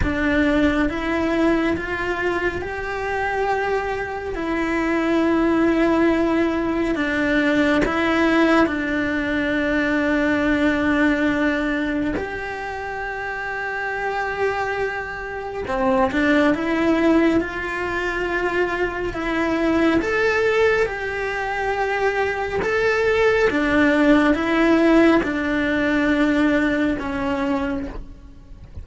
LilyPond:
\new Staff \with { instrumentName = "cello" } { \time 4/4 \tempo 4 = 69 d'4 e'4 f'4 g'4~ | g'4 e'2. | d'4 e'4 d'2~ | d'2 g'2~ |
g'2 c'8 d'8 e'4 | f'2 e'4 a'4 | g'2 a'4 d'4 | e'4 d'2 cis'4 | }